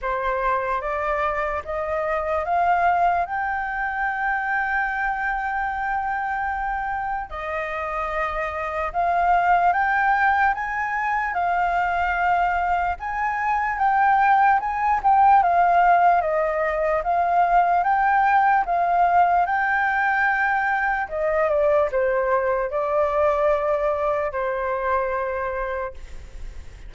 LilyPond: \new Staff \with { instrumentName = "flute" } { \time 4/4 \tempo 4 = 74 c''4 d''4 dis''4 f''4 | g''1~ | g''4 dis''2 f''4 | g''4 gis''4 f''2 |
gis''4 g''4 gis''8 g''8 f''4 | dis''4 f''4 g''4 f''4 | g''2 dis''8 d''8 c''4 | d''2 c''2 | }